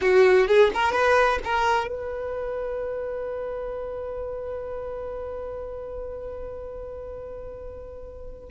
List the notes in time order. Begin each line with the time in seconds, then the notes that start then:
0.01 F#4
0.47 G#4
0.73 A#4
0.91 B4
1.44 A#4
1.87 B4